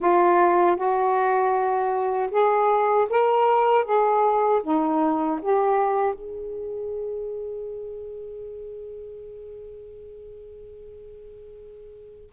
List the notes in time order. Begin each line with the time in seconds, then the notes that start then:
0.00 F4
0.76 F#4
2.30 G#4
3.09 A#4
3.85 G#4
4.63 D#4
5.41 G4
6.14 G#4